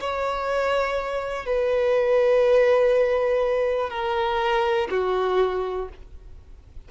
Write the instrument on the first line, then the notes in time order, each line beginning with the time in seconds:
violin
0.00 C#5
1.46 B4
3.90 A#4
4.90 F#4